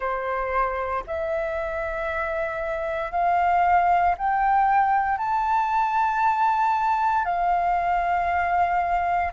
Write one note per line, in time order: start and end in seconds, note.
0.00 1.03 C5
1.06 3.11 E5
3.11 4.15 F5
4.17 5.18 G5
5.18 7.25 A5
7.25 9.32 F5